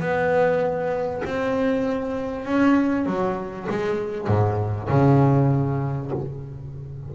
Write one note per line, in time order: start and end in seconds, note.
0.00 1.22 B3
1.24 2.45 C4
2.45 3.06 C#4
3.06 3.67 F#3
3.70 4.27 G#3
4.27 4.88 G#2
4.89 6.11 C#3